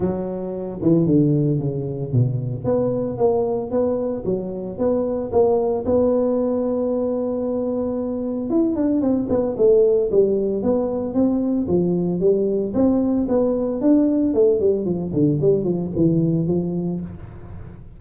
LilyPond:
\new Staff \with { instrumentName = "tuba" } { \time 4/4 \tempo 4 = 113 fis4. e8 d4 cis4 | b,4 b4 ais4 b4 | fis4 b4 ais4 b4~ | b1 |
e'8 d'8 c'8 b8 a4 g4 | b4 c'4 f4 g4 | c'4 b4 d'4 a8 g8 | f8 d8 g8 f8 e4 f4 | }